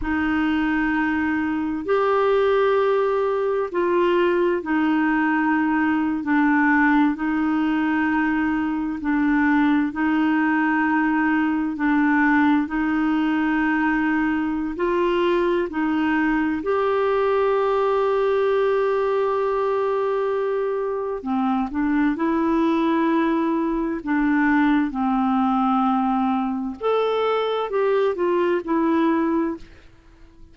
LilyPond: \new Staff \with { instrumentName = "clarinet" } { \time 4/4 \tempo 4 = 65 dis'2 g'2 | f'4 dis'4.~ dis'16 d'4 dis'16~ | dis'4.~ dis'16 d'4 dis'4~ dis'16~ | dis'8. d'4 dis'2~ dis'16 |
f'4 dis'4 g'2~ | g'2. c'8 d'8 | e'2 d'4 c'4~ | c'4 a'4 g'8 f'8 e'4 | }